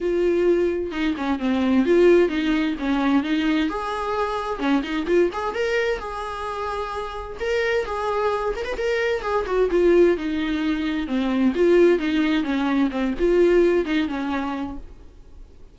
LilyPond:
\new Staff \with { instrumentName = "viola" } { \time 4/4 \tempo 4 = 130 f'2 dis'8 cis'8 c'4 | f'4 dis'4 cis'4 dis'4 | gis'2 cis'8 dis'8 f'8 gis'8 | ais'4 gis'2. |
ais'4 gis'4. ais'16 b'16 ais'4 | gis'8 fis'8 f'4 dis'2 | c'4 f'4 dis'4 cis'4 | c'8 f'4. dis'8 cis'4. | }